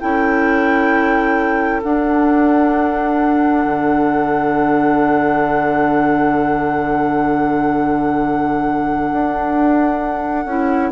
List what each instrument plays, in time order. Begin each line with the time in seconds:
0.00 bassoon C#4, clarinet E4, oboe A4, flute G5
1.83 clarinet D4, bassoon D4, flute F#5
3.65 bassoon D3
9.12 bassoon D4
10.46 bassoon C#4, clarinet E4